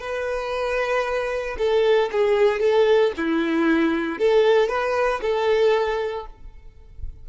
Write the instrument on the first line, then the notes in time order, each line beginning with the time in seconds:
violin
0.00 B4
1.58 A4
2.12 G#4
2.60 A4
3.17 E4
4.18 A4
4.68 B4
5.22 A4